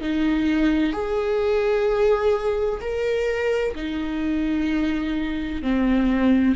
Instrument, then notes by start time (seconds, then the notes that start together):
viola
0.00 D#4
0.92 G#4
2.80 A#4
3.75 D#4
5.62 C4